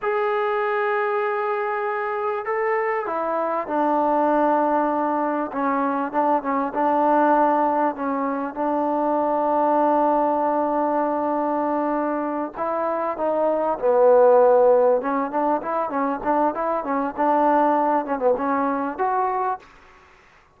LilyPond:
\new Staff \with { instrumentName = "trombone" } { \time 4/4 \tempo 4 = 98 gis'1 | a'4 e'4 d'2~ | d'4 cis'4 d'8 cis'8 d'4~ | d'4 cis'4 d'2~ |
d'1~ | d'8 e'4 dis'4 b4.~ | b8 cis'8 d'8 e'8 cis'8 d'8 e'8 cis'8 | d'4. cis'16 b16 cis'4 fis'4 | }